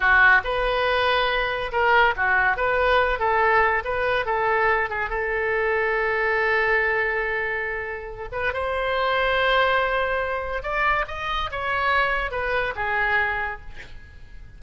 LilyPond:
\new Staff \with { instrumentName = "oboe" } { \time 4/4 \tempo 4 = 141 fis'4 b'2. | ais'4 fis'4 b'4. a'8~ | a'4 b'4 a'4. gis'8 | a'1~ |
a'2.~ a'8 b'8 | c''1~ | c''4 d''4 dis''4 cis''4~ | cis''4 b'4 gis'2 | }